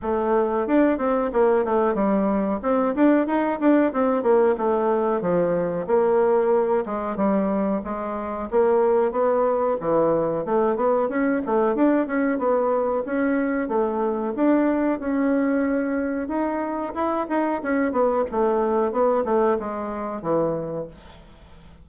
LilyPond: \new Staff \with { instrumentName = "bassoon" } { \time 4/4 \tempo 4 = 92 a4 d'8 c'8 ais8 a8 g4 | c'8 d'8 dis'8 d'8 c'8 ais8 a4 | f4 ais4. gis8 g4 | gis4 ais4 b4 e4 |
a8 b8 cis'8 a8 d'8 cis'8 b4 | cis'4 a4 d'4 cis'4~ | cis'4 dis'4 e'8 dis'8 cis'8 b8 | a4 b8 a8 gis4 e4 | }